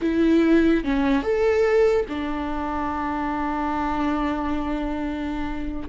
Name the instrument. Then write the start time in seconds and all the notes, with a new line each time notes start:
viola
0.01 E4
0.84 C#4
1.22 A4
2.08 D4